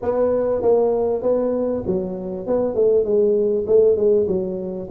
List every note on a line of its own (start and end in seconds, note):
0.02 0.62 B3
0.62 1.22 A#3
1.22 1.83 B3
1.86 2.47 F#3
2.47 2.74 B3
2.74 3.04 A3
3.04 3.65 G#3
3.67 3.96 A3
3.96 4.27 G#3
4.27 4.88 F#3